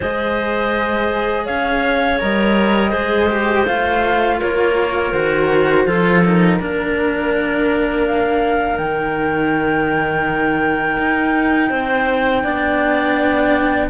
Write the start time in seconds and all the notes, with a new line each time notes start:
0.00 G#3 G#4 C5 D#5
1.45 C#4 C#5 F5
2.19 G3 A#4 D#5
2.90 G#3 G#4 C5
3.29 G4
3.66 A3 F4 F5
4.38 A#3 A#4 C#5
5.12 D#3 F#4 C5
5.85 F3 F4 A4
6.24 D#4 A#4
6.59 A#3 D4 A#4
8.07 F5
8.77 D#3 D#4 G5
10.98 D#4
11.69 C4 C5
12.43 B3 D4 D5